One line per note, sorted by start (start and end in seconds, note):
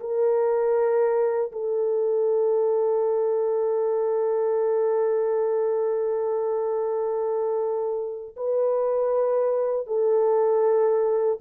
0.00 1.52 A#4
1.52 8.35 A4
8.36 9.87 B4
9.87 11.39 A4